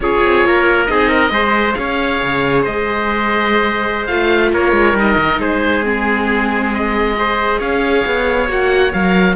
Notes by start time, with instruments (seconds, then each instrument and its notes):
0.00 cello C#4, viola F4, trumpet G#4, oboe C#5
0.23 cello C4
0.45 cello A#3, trumpet A#4
0.85 cello C4, viola D#4, trumpet G#4, oboe D#5
1.08 trumpet A#4
1.30 cello G#3, viola G#4, trumpet C5
1.73 cello C#4, trumpet C#5, oboe F5
2.22 cello C#3
2.62 cello G#3, trumpet C5, oboe D#5
4.06 cello A3, viola F4, oboe F5
4.52 cello A#3, trumpet A#4, oboe C#5
4.72 cello G#3
4.93 cello G3, viola D#4, oboe D#5
5.17 cello D#3
5.38 cello G#3, trumpet G#4, oboe C5
5.83 viola C4, oboe G#4
6.73 oboe D#5
7.16 viola G#4, trumpet C5
7.59 cello C#4, trumpet C#5, oboe F5
8.05 cello B3
8.48 cello A#3, viola F#4, oboe F#5
8.92 cello F#3, viola A#4, oboe F5